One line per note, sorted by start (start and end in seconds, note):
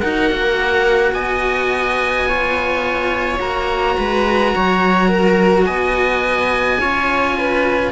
0.00 0.31 D#4
0.00 2.28 F#4
0.00 1.13 A#4
0.00 1.13 F#5
0.31 1.13 A#3
1.13 3.39 B3
1.13 2.28 D#5
1.13 3.40 G#5
2.28 3.39 F4
2.28 3.98 C#5
3.39 3.97 A#3
3.39 6.79 F#4
3.39 5.66 A#5
3.98 4.54 G#3
3.98 4.54 B4
4.55 5.68 F#3
4.55 5.08 C#5
5.08 5.65 A#4
5.66 6.79 B3
5.66 6.80 D#5
5.66 7.92 G#5
6.79 7.92 C#4
6.79 7.92 F4
6.79 7.37 C#5
7.38 7.92 B4